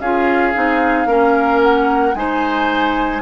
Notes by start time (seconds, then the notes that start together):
0.00 C#4 F4 G#4 F5
0.54 C4 D#4
1.06 A#3 C#4 A#4
1.62 F#5
2.15 G#3 D#4 C5 G#5